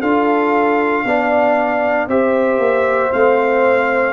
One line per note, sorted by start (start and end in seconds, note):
0.00 1.05 D4
0.00 1.06 F4
0.00 1.03 A4
0.00 2.08 F5
1.05 2.07 B3
1.05 2.09 D4
1.05 2.09 D5
2.07 2.58 C4
2.07 3.11 G4
2.07 4.13 C5
2.07 3.12 E5
2.58 3.10 A#3
3.11 4.13 A3
3.11 4.13 C4
3.11 4.13 F5